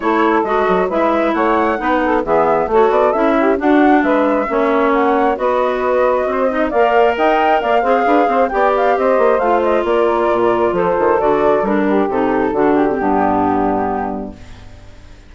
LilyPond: <<
  \new Staff \with { instrumentName = "flute" } { \time 4/4 \tempo 4 = 134 cis''4 dis''4 e''4 fis''4~ | fis''4 e''4 cis''8 d''8 e''4 | fis''4 e''2 fis''4 | dis''2. f''4 |
g''4 f''2 g''8 f''8 | dis''4 f''8 dis''8 d''2 | c''4 d''4 ais'4 a'4~ | a'8 g'2.~ g'8 | }
  \new Staff \with { instrumentName = "saxophone" } { \time 4/4 a'2 b'4 cis''4 | b'8 a'8 gis'4 a'4. g'8 | fis'4 b'4 cis''2 | b'2 c''8 dis''8 d''4 |
dis''4 d''8 c''8 b'8 c''8 d''4 | c''2 ais'2 | a'2~ a'8 g'4. | fis'4 d'2. | }
  \new Staff \with { instrumentName = "clarinet" } { \time 4/4 e'4 fis'4 e'2 | dis'4 b4 fis'4 e'4 | d'2 cis'2 | fis'2~ fis'8 dis'8 ais'4~ |
ais'4. gis'4. g'4~ | g'4 f'2.~ | f'4 fis'4 d'4 dis'4 | d'8. c'16 b2. | }
  \new Staff \with { instrumentName = "bassoon" } { \time 4/4 a4 gis8 fis8 gis4 a4 | b4 e4 a8 b8 cis'4 | d'4 gis4 ais2 | b2 c'4 ais4 |
dis'4 ais8 c'8 d'8 c'8 b4 | c'8 ais8 a4 ais4 ais,4 | f8 dis8 d4 g4 c4 | d4 g,2. | }
>>